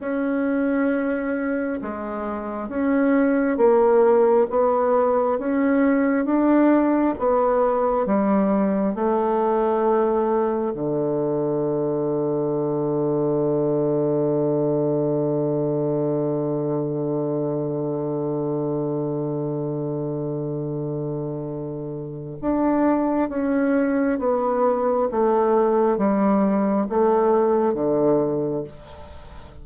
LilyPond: \new Staff \with { instrumentName = "bassoon" } { \time 4/4 \tempo 4 = 67 cis'2 gis4 cis'4 | ais4 b4 cis'4 d'4 | b4 g4 a2 | d1~ |
d1~ | d1~ | d4 d'4 cis'4 b4 | a4 g4 a4 d4 | }